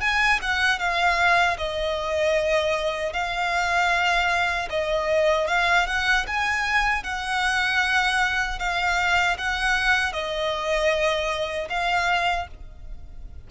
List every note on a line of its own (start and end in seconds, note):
0.00 0.39 G#5
0.41 0.79 F#5
0.79 1.57 F5
1.58 3.12 D#5
3.12 4.68 F5
4.69 5.47 D#5
5.47 5.86 F5
5.86 6.25 F#5
6.27 7.03 G#5
7.03 8.59 F#5
8.59 9.37 F5
9.38 10.12 F#5
10.12 11.68 D#5
11.69 12.47 F5